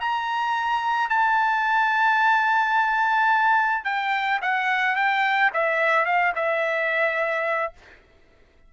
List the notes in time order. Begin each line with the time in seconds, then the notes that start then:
0.00 A#5
1.09 A5
3.85 G5
4.42 F#5
4.95 G5
5.53 E5
6.05 F5
6.35 E5